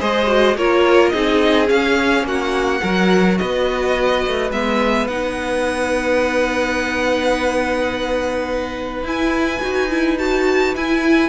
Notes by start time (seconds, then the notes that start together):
0.00 G#3 G#4 C5 D#5
0.27 F#4
0.56 A#3 F4 A#4 C#5
1.09 C4 D#4 G#4 D#5
1.66 C#4 F5
2.23 A#3 F#4 F#5
2.81 F#3 F#4 A#4
3.38 B3 B4 D#5
4.27 A3
4.51 G#3 B3 E5
5.07 B3 D#4 F#5
9.03 E4 G#5
9.61 D#4 F#4
9.90 E4
10.18 F#4 A5
10.75 E4 G#5